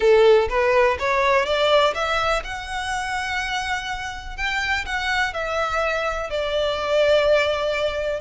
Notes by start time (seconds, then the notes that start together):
0.00 A4
0.49 B4
0.99 C#5
1.45 D5
1.94 E5
2.43 F#5
4.37 G5
4.85 F#5
5.33 E5
6.29 D5